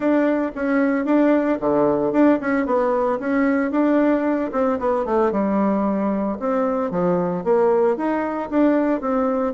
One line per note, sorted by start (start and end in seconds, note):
0.00 0.51 D4
0.55 1.05 C#4
1.05 1.58 D4
1.59 2.12 D3
2.12 2.38 D4
2.41 2.65 C#4
2.65 3.19 B3
3.19 3.71 C#4
3.71 4.50 D4
4.52 4.78 C4
4.79 5.05 B3
5.05 5.31 A3
5.31 6.37 G3
6.39 6.91 C4
6.91 7.44 F3
7.44 7.96 A#3
7.96 8.49 D#4
8.50 9.00 D4
9.00 9.53 C4